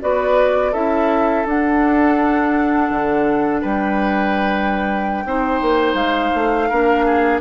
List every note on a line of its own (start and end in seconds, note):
0.00 0.74 B3
0.00 0.72 F#4
0.00 0.72 B4
0.00 0.73 D5
0.72 1.45 C#4
0.72 1.45 E4
0.72 3.61 A4
0.72 1.46 E5
1.45 2.90 D4
1.45 5.26 D4
1.45 3.61 F#5
2.90 3.62 D3
3.61 5.24 G3
3.61 5.24 B4
3.61 5.95 G5
5.24 5.61 C4
5.24 6.70 D#4
5.24 6.69 C5
5.61 5.94 A#3
5.94 6.30 G#3
5.94 7.39 F5
6.34 6.70 A3
6.69 7.41 A#3
6.69 7.41 D4
6.69 7.05 A#4
7.05 7.41 G#4